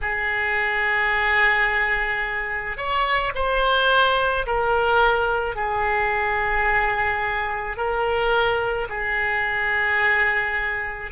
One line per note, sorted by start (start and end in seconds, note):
0.02 2.77 G#4
2.77 3.32 C#5
3.34 4.45 C5
4.46 5.56 A#4
5.56 7.76 G#4
7.76 8.87 A#4
8.89 11.11 G#4